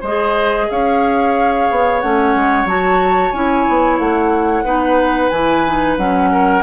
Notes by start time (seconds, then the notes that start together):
0.00 G#3 C5 D#5
0.07 G#4
0.70 C#4 C#5 F5
1.70 B3
2.00 A3 C#4 F#5
2.35 G#3
2.65 F#3 F#4 A5
3.31 C#4 E4 G#5
3.68 B3
3.99 A3 F#5
4.64 B3 D#4 B4
5.29 E3 E4 G#5
5.66 D#4
5.97 F#3 C#4 F#5
6.31 A#4